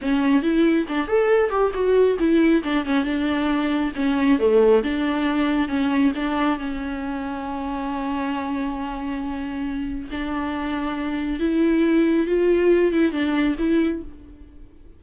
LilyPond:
\new Staff \with { instrumentName = "viola" } { \time 4/4 \tempo 4 = 137 cis'4 e'4 d'8 a'4 g'8 | fis'4 e'4 d'8 cis'8 d'4~ | d'4 cis'4 a4 d'4~ | d'4 cis'4 d'4 cis'4~ |
cis'1~ | cis'2. d'4~ | d'2 e'2 | f'4. e'8 d'4 e'4 | }